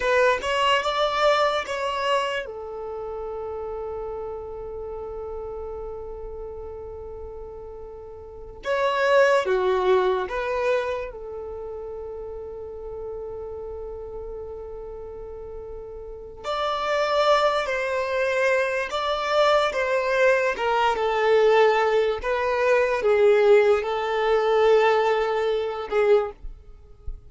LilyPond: \new Staff \with { instrumentName = "violin" } { \time 4/4 \tempo 4 = 73 b'8 cis''8 d''4 cis''4 a'4~ | a'1~ | a'2~ a'8 cis''4 fis'8~ | fis'8 b'4 a'2~ a'8~ |
a'1 | d''4. c''4. d''4 | c''4 ais'8 a'4. b'4 | gis'4 a'2~ a'8 gis'8 | }